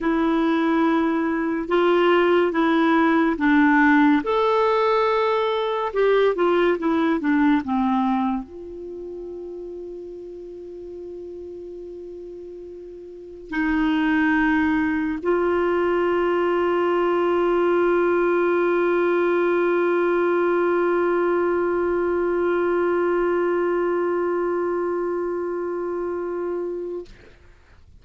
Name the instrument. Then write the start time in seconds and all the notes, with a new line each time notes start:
clarinet
0.00 E4
1.68 F4
2.52 E4
3.37 D4
4.23 A4
5.93 G4
6.35 F4
6.78 E4
7.19 D4
7.64 C4
8.43 F4
13.49 D#4
15.22 F4